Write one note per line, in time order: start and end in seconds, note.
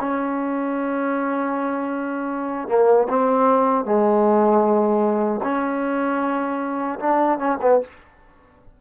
0.00 2.68 C#4
2.68 3.07 A#3
3.09 3.85 C4
3.85 5.41 G#3
5.43 6.99 C#4
7.00 7.38 D4
7.38 7.58 C#4
7.62 7.81 B3